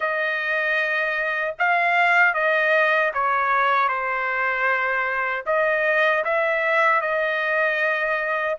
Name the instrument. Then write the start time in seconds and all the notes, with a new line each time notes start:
trumpet
0.00 D#5
1.58 F5
2.34 D#5
3.13 C#5
3.88 C5
5.45 D#5
6.24 E5
7.01 D#5